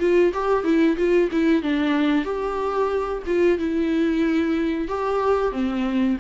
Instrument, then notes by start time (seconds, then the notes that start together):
viola
0.00 F4
0.34 G4
0.64 E4
0.97 F4
1.32 E4
1.63 D4
2.25 G4
3.27 F4
3.59 E4
4.88 G4
5.52 C4